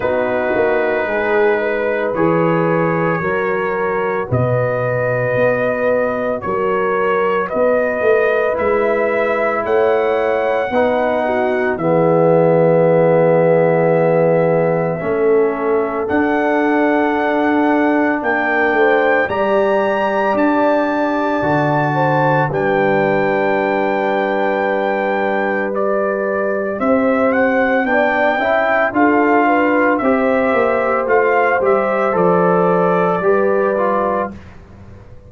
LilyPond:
<<
  \new Staff \with { instrumentName = "trumpet" } { \time 4/4 \tempo 4 = 56 b'2 cis''2 | dis''2 cis''4 dis''4 | e''4 fis''2 e''4~ | e''2. fis''4~ |
fis''4 g''4 ais''4 a''4~ | a''4 g''2. | d''4 e''8 fis''8 g''4 f''4 | e''4 f''8 e''8 d''2 | }
  \new Staff \with { instrumentName = "horn" } { \time 4/4 fis'4 gis'8 b'4. ais'4 | b'2 ais'4 b'4~ | b'4 cis''4 b'8 fis'8 gis'4~ | gis'2 a'2~ |
a'4 ais'8 c''8 d''2~ | d''8 c''8 b'2.~ | b'4 c''4 d''8 e''8 a'8 b'8 | c''2. b'4 | }
  \new Staff \with { instrumentName = "trombone" } { \time 4/4 dis'2 gis'4 fis'4~ | fis'1 | e'2 dis'4 b4~ | b2 cis'4 d'4~ |
d'2 g'2 | fis'4 d'2. | g'2 d'8 e'8 f'4 | g'4 f'8 g'8 a'4 g'8 f'8 | }
  \new Staff \with { instrumentName = "tuba" } { \time 4/4 b8 ais8 gis4 e4 fis4 | b,4 b4 fis4 b8 a8 | gis4 a4 b4 e4~ | e2 a4 d'4~ |
d'4 ais8 a8 g4 d'4 | d4 g2.~ | g4 c'4 b8 cis'8 d'4 | c'8 ais8 a8 g8 f4 g4 | }
>>